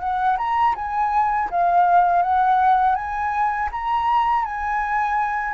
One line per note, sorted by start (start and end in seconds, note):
0.00 0.37 F#5
0.38 0.75 A#5
0.75 1.49 G#5
1.51 2.23 F5
2.23 2.95 F#5
2.95 3.69 G#5
3.72 4.45 A#5
4.45 5.54 G#5